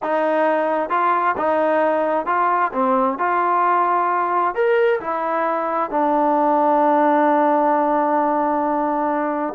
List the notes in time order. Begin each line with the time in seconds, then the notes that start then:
0.02 D#4
0.89 F4
1.37 D#4
2.26 F4
2.72 C4
3.18 F4
4.54 A#4
5.00 E4
5.90 D4